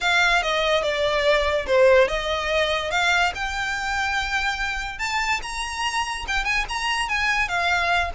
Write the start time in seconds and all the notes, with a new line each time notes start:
0.00 F5
0.42 D#5
0.82 D5
1.66 C5
2.08 D#5
2.91 F5
3.34 G5
4.98 A5
5.42 A#5
6.27 G5
6.44 G#5
6.69 A#5
7.08 G#5
7.48 F5